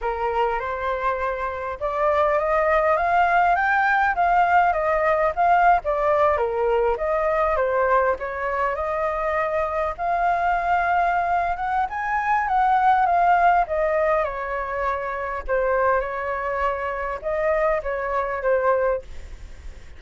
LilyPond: \new Staff \with { instrumentName = "flute" } { \time 4/4 \tempo 4 = 101 ais'4 c''2 d''4 | dis''4 f''4 g''4 f''4 | dis''4 f''8. d''4 ais'4 dis''16~ | dis''8. c''4 cis''4 dis''4~ dis''16~ |
dis''8. f''2~ f''8. fis''8 | gis''4 fis''4 f''4 dis''4 | cis''2 c''4 cis''4~ | cis''4 dis''4 cis''4 c''4 | }